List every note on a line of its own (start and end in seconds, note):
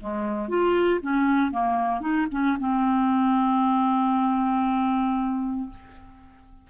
0.00 0.48 G#3
0.48 1.00 F4
1.01 1.51 C#4
1.51 2.01 A#3
2.01 2.27 D#4
2.31 2.57 C#4
2.59 5.69 C4